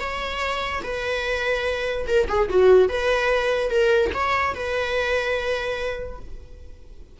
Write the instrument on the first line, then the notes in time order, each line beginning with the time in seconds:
viola
0.00 C#5
0.83 B4
2.07 A#4
2.29 G#4
2.50 F#4
2.89 B4
3.70 A#4
4.14 C#5
4.55 B4